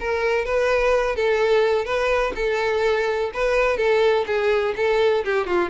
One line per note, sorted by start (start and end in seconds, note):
0.00 0.45 A#4
0.45 1.16 B4
1.16 1.85 A4
1.85 2.33 B4
2.36 3.32 A4
3.34 3.78 B4
3.78 4.26 A4
4.27 4.75 G#4
4.77 5.25 A4
5.25 5.47 G4
5.47 5.70 F4